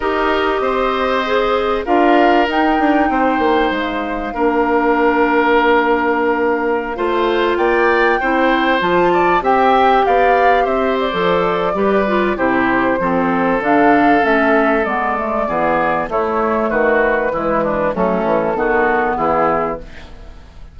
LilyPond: <<
  \new Staff \with { instrumentName = "flute" } { \time 4/4 \tempo 4 = 97 dis''2. f''4 | g''2 f''2~ | f''1~ | f''16 g''2 a''4 g''8.~ |
g''16 f''4 e''8 d''2~ d''16 | c''2 f''4 e''4 | d''2 cis''4 b'4~ | b'4 a'2 gis'4 | }
  \new Staff \with { instrumentName = "oboe" } { \time 4/4 ais'4 c''2 ais'4~ | ais'4 c''2 ais'4~ | ais'2.~ ais'16 c''8.~ | c''16 d''4 c''4. d''8 e''8.~ |
e''16 d''4 c''4.~ c''16 b'4 | g'4 a'2.~ | a'4 gis'4 e'4 fis'4 | e'8 d'8 cis'4 fis'4 e'4 | }
  \new Staff \with { instrumentName = "clarinet" } { \time 4/4 g'2 gis'4 f'4 | dis'2. d'4~ | d'2.~ d'16 f'8.~ | f'4~ f'16 e'4 f'4 g'8.~ |
g'2 a'4 g'8 f'8 | e'4 c'4 d'4 cis'4 | b8 a8 b4 a2 | gis4 a4 b2 | }
  \new Staff \with { instrumentName = "bassoon" } { \time 4/4 dis'4 c'2 d'4 | dis'8 d'8 c'8 ais8 gis4 ais4~ | ais2.~ ais16 a8.~ | a16 ais4 c'4 f4 c'8.~ |
c'16 b4 c'8. f4 g4 | c4 f4 d4 a4 | gis4 e4 a4 dis4 | e4 fis8 e8 dis4 e4 | }
>>